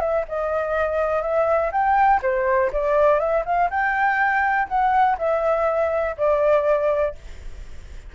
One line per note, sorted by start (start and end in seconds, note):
0.00 0.24 E5
0.28 1.22 D#5
1.22 1.71 E5
1.72 2.20 G5
2.22 2.71 C5
2.72 3.19 D5
3.19 3.43 E5
3.45 3.70 F5
3.70 4.67 G5
4.68 5.17 F#5
5.18 6.15 E5
6.17 7.14 D5